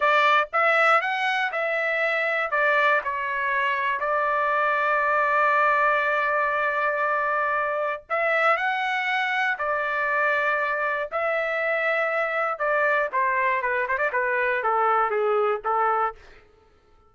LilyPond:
\new Staff \with { instrumentName = "trumpet" } { \time 4/4 \tempo 4 = 119 d''4 e''4 fis''4 e''4~ | e''4 d''4 cis''2 | d''1~ | d''1 |
e''4 fis''2 d''4~ | d''2 e''2~ | e''4 d''4 c''4 b'8 c''16 d''16 | b'4 a'4 gis'4 a'4 | }